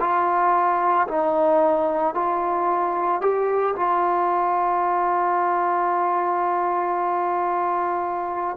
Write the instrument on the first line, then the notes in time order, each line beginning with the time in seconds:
trombone
0.00 F4
1.07 D#4
2.14 F4
3.21 G4
3.75 F4